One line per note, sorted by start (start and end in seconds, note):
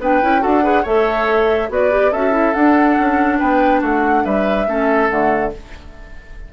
0.00 0.21 B3
0.00 0.22 D4
0.00 0.42 B4
0.00 0.43 G5
0.22 0.45 C#4
0.22 0.40 E4
0.40 0.85 D4
0.40 0.61 F#4
0.40 0.64 A4
0.40 0.86 F#5
0.62 0.84 G#4
0.62 0.83 B4
0.83 1.70 A3
0.83 1.70 A4
0.83 1.68 C#5
0.83 1.71 E5
1.70 2.12 B3
1.70 1.91 F#4
1.70 2.12 B4
1.70 2.13 D5
1.91 2.12 G4
2.12 2.55 C#4
2.12 2.32 F#4
2.12 3.39 A4
2.12 2.54 E5
2.32 2.53 E4
2.54 2.98 D4
2.54 4.68 D4
2.54 3.39 F#5
2.99 3.41 C#4
3.39 3.82 B3
3.39 3.81 B4
3.39 3.82 G5
3.81 4.25 A3
3.81 4.24 F#4
3.81 4.25 F#5
4.25 4.68 G3
4.25 4.67 B4
4.25 5.10 E5
4.68 5.10 A3
4.68 5.09 C#4
4.68 5.54 A4
5.09 5.53 D3
5.09 5.52 A3
5.09 5.52 F#5